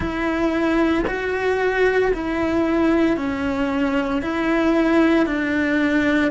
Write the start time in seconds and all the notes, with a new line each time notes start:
0.00 E4
1.07 F#4
2.13 E4
3.16 C#4
4.22 E4
5.26 D4